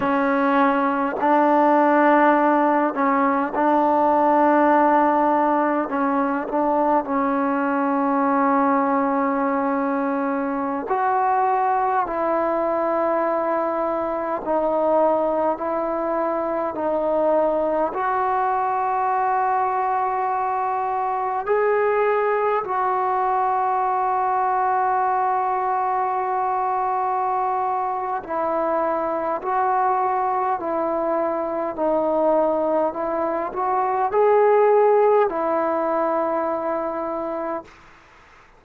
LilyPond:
\new Staff \with { instrumentName = "trombone" } { \time 4/4 \tempo 4 = 51 cis'4 d'4. cis'8 d'4~ | d'4 cis'8 d'8 cis'2~ | cis'4~ cis'16 fis'4 e'4.~ e'16~ | e'16 dis'4 e'4 dis'4 fis'8.~ |
fis'2~ fis'16 gis'4 fis'8.~ | fis'1 | e'4 fis'4 e'4 dis'4 | e'8 fis'8 gis'4 e'2 | }